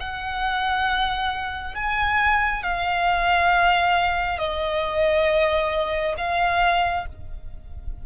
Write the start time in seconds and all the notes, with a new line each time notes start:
0.00 F#5
1.75 G#5
2.64 F5
4.39 D#5
6.18 F5